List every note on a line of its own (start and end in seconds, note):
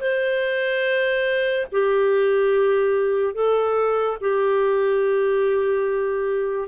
0.00 1.67 C5
1.72 3.34 G4
3.34 4.17 A4
4.21 6.68 G4